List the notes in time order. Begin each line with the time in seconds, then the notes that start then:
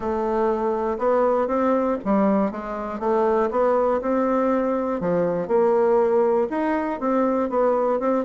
0.00 A3
0.98 B3
1.47 C4
2.05 G3
2.51 G#3
2.99 A3
3.50 B3
4.01 C4
5.00 F3
5.47 A#3
6.50 D#4
7.00 C4
7.49 B3
7.99 C4